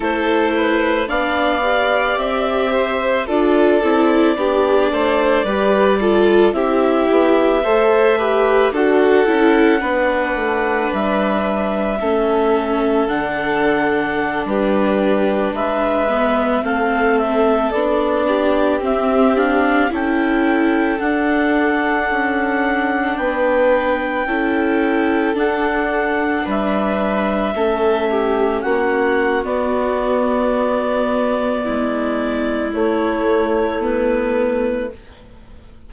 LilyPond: <<
  \new Staff \with { instrumentName = "clarinet" } { \time 4/4 \tempo 4 = 55 c''4 f''4 e''4 d''4~ | d''2 e''2 | fis''2 e''2 | fis''4~ fis''16 b'4 e''4 f''8 e''16~ |
e''16 d''4 e''8 f''8 g''4 fis''8.~ | fis''4~ fis''16 g''2 fis''8.~ | fis''16 e''2 fis''8. d''4~ | d''2 cis''4 b'4 | }
  \new Staff \with { instrumentName = "violin" } { \time 4/4 a'8 b'8 d''4. c''8 a'4 | g'8 c''8 b'8 a'8 g'4 c''8 b'8 | a'4 b'2 a'4~ | a'4~ a'16 g'4 b'4 a'8.~ |
a'8. g'4. a'4.~ a'16~ | a'4~ a'16 b'4 a'4.~ a'16~ | a'16 b'4 a'8 g'8 fis'4.~ fis'16~ | fis'4 e'2. | }
  \new Staff \with { instrumentName = "viola" } { \time 4/4 e'4 d'8 g'4. f'8 e'8 | d'4 g'8 f'8 e'4 a'8 g'8 | fis'8 e'8 d'2 cis'4 | d'2~ d'8. b8 c'8.~ |
c'16 d'4 c'8 d'8 e'4 d'8.~ | d'2~ d'16 e'4 d'8.~ | d'4~ d'16 cis'4.~ cis'16 b4~ | b2 a4 b4 | }
  \new Staff \with { instrumentName = "bassoon" } { \time 4/4 a4 b4 c'4 d'8 c'8 | b8 a8 g4 c'8 b8 a4 | d'8 cis'8 b8 a8 g4 a4 | d4~ d16 g4 gis4 a8.~ |
a16 b4 c'4 cis'4 d'8.~ | d'16 cis'4 b4 cis'4 d'8.~ | d'16 g4 a4 ais8. b4~ | b4 gis4 a2 | }
>>